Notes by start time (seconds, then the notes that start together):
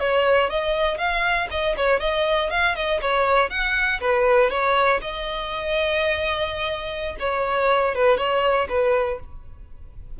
0.00 C#5
0.50 D#5
0.98 F5
1.51 D#5
1.77 C#5
2.00 D#5
2.50 F5
2.76 D#5
3.02 C#5
3.50 F#5
4.01 B4
4.50 C#5
5.02 D#5
7.20 C#5
7.95 B4
8.17 C#5
8.69 B4